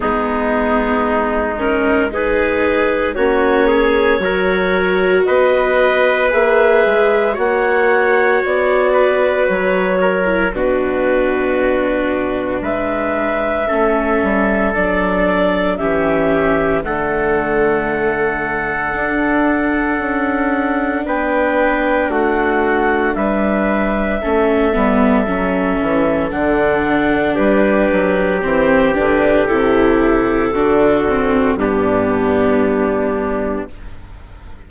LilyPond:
<<
  \new Staff \with { instrumentName = "clarinet" } { \time 4/4 \tempo 4 = 57 gis'4. ais'8 b'4 cis''4~ | cis''4 dis''4 e''4 fis''4 | d''4 cis''4 b'2 | e''2 d''4 e''4 |
fis''1 | g''4 fis''4 e''2~ | e''4 fis''4 b'4 c''8 b'8 | a'2 g'2 | }
  \new Staff \with { instrumentName = "trumpet" } { \time 4/4 dis'2 gis'4 fis'8 gis'8 | ais'4 b'2 cis''4~ | cis''8 b'4 ais'8 fis'2 | b'4 a'2 g'4 |
a'1 | b'4 fis'4 b'4 a'4~ | a'2 g'2~ | g'4 fis'4 d'2 | }
  \new Staff \with { instrumentName = "viola" } { \time 4/4 b4. cis'8 dis'4 cis'4 | fis'2 gis'4 fis'4~ | fis'4.~ fis'16 e'16 d'2~ | d'4 cis'4 d'4 cis'4 |
a2 d'2~ | d'2. cis'8 b8 | cis'4 d'2 c'8 d'8 | e'4 d'8 c'8 b2 | }
  \new Staff \with { instrumentName = "bassoon" } { \time 4/4 gis2. ais4 | fis4 b4 ais8 gis8 ais4 | b4 fis4 b,2 | gis4 a8 g8 fis4 e4 |
d2 d'4 cis'4 | b4 a4 g4 a8 g8 | fis8 e8 d4 g8 fis8 e8 d8 | c4 d4 g,2 | }
>>